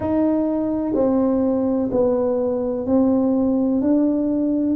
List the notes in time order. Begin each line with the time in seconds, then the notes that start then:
0.00 D#4
0.94 C4
1.91 B3
2.86 C4
3.81 D4